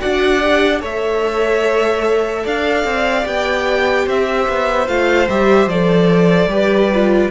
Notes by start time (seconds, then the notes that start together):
0.00 D4 F#4 D5 F#5
0.41 G4
0.80 A3 A4 C#5 E5
2.43 D4 D5 F5
2.84 C4
3.23 B3 G4 G5
4.06 C4 C5 E5
4.48 B3
4.87 A3 F4 F5
5.29 G3 G4 E5
5.66 F3 A4 D5
6.46 G3 G4 B4
6.93 F4